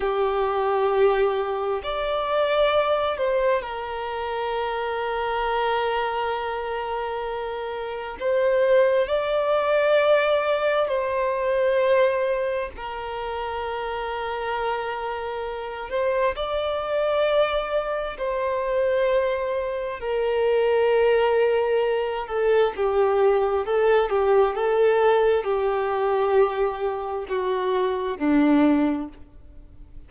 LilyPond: \new Staff \with { instrumentName = "violin" } { \time 4/4 \tempo 4 = 66 g'2 d''4. c''8 | ais'1~ | ais'4 c''4 d''2 | c''2 ais'2~ |
ais'4. c''8 d''2 | c''2 ais'2~ | ais'8 a'8 g'4 a'8 g'8 a'4 | g'2 fis'4 d'4 | }